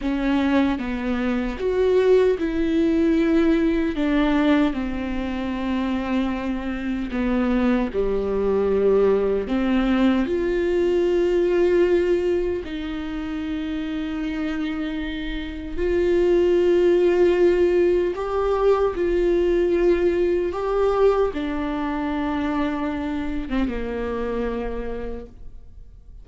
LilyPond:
\new Staff \with { instrumentName = "viola" } { \time 4/4 \tempo 4 = 76 cis'4 b4 fis'4 e'4~ | e'4 d'4 c'2~ | c'4 b4 g2 | c'4 f'2. |
dis'1 | f'2. g'4 | f'2 g'4 d'4~ | d'4.~ d'16 c'16 ais2 | }